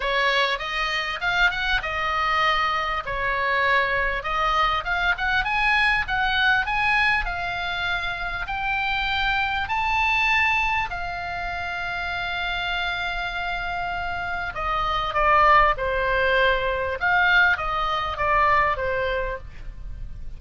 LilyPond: \new Staff \with { instrumentName = "oboe" } { \time 4/4 \tempo 4 = 99 cis''4 dis''4 f''8 fis''8 dis''4~ | dis''4 cis''2 dis''4 | f''8 fis''8 gis''4 fis''4 gis''4 | f''2 g''2 |
a''2 f''2~ | f''1 | dis''4 d''4 c''2 | f''4 dis''4 d''4 c''4 | }